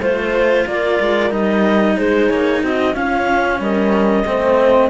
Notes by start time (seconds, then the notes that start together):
0.00 A3 F4 C5
0.67 A#3 A#4 D5
1.01 G#3
1.30 G3 D#4 D#5
1.97 G#3 G#4 C5
2.30 A#3 C#5
2.63 C4 F#4 D#5
2.94 C#4 F4 F5
3.60 G3 A#4 D#5
4.25 A3 C4 C5